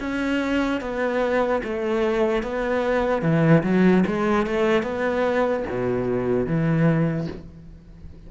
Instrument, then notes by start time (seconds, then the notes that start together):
cello
0.00 C#4
0.81 B3
1.64 A3
2.43 B3
3.22 E3
3.64 F#3
4.07 G#3
4.47 A3
4.83 B3
5.70 B2
6.46 E3